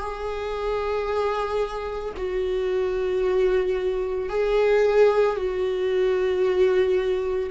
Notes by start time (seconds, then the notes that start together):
0.00 G#4
2.17 F#4
4.29 G#4
5.36 F#4